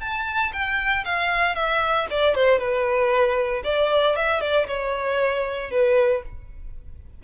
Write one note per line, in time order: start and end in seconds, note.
0.00 0.52 A5
0.52 1.04 G5
1.04 1.55 F5
1.55 2.06 E5
2.10 2.34 D5
2.34 2.59 C5
2.59 3.62 B4
3.64 4.15 D5
4.15 4.41 E5
4.41 4.66 D5
4.67 5.70 C#5
5.70 6.22 B4